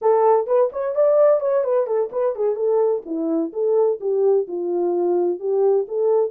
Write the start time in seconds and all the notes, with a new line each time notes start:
0.01 A4
0.46 B4
0.72 C#5
0.95 D5
1.40 C#5
1.64 B4
1.86 A4
2.12 B4
2.35 G#4
2.55 A4
3.05 E4
3.52 A4
4.00 G4
4.47 F4
5.39 G4
5.88 A4